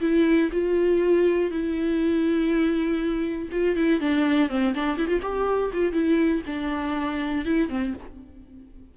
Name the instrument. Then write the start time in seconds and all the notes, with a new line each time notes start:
viola
0.00 E4
0.52 F4
1.50 E4
3.51 F4
3.76 E4
4.00 D4
4.49 C4
4.74 D4
4.97 E4
5.07 F4
5.21 G4
5.73 F4
5.92 E4
6.46 D4
7.45 E4
7.69 C4